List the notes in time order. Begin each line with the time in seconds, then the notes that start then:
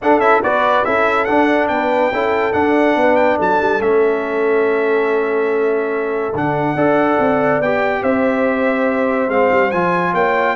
0.01 D4 A4 F#5
0.18 C#4 E4 E5
0.43 B3 F#4 B4 D5
0.85 C#4 E4 A4 E5
1.24 D4 F#5
1.68 B3 B4 G5
2.11 C#4 E4 A4
2.52 D4 F#5
2.95 B3 B4
3.15 G5
3.37 F#3 A4 A5
3.60 G3
3.79 A3 C#4 E5
6.33 D3 D4 F#5
6.75 D4 A4 D5
7.18 C4
7.59 B3 G4 G5
8.02 C4 C5 E5
9.28 G#3 C4 F5
9.51 G3
9.71 F3 F4 G#5
10.13 A#3 C#5 G5